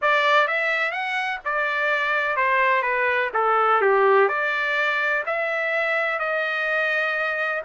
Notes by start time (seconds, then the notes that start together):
0.01 D5
0.47 E5
0.91 F#5
1.44 D5
2.36 C5
2.82 B4
3.33 A4
3.81 G4
4.28 D5
5.26 E5
6.19 D#5